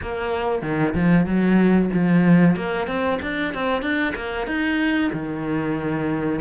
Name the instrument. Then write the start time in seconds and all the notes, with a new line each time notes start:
cello
0.01 A#3
0.62 D#3
0.94 F3
1.26 F#3
1.93 F3
2.56 A#3
2.87 C4
3.21 D4
3.54 C4
3.82 D4
4.15 A#3
4.47 D#4
5.12 D#3